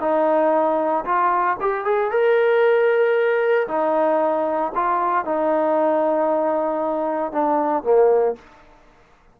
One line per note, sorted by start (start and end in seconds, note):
0.00 1.04 D#4
1.05 1.57 F4
1.60 1.85 G4
1.85 2.11 G#4
2.11 3.67 A#4
3.68 4.72 D#4
4.75 5.25 F4
5.25 7.32 D#4
7.32 7.83 D4
7.83 8.35 A#3